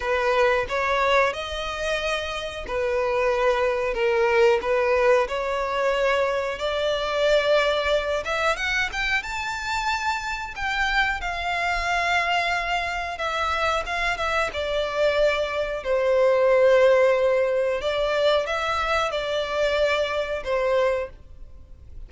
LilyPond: \new Staff \with { instrumentName = "violin" } { \time 4/4 \tempo 4 = 91 b'4 cis''4 dis''2 | b'2 ais'4 b'4 | cis''2 d''2~ | d''8 e''8 fis''8 g''8 a''2 |
g''4 f''2. | e''4 f''8 e''8 d''2 | c''2. d''4 | e''4 d''2 c''4 | }